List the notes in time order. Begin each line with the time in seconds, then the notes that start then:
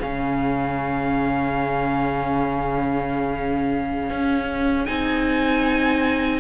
0.00 C#3 C#4 G#4 F5
4.10 C#4
4.86 C4 D#4 G#5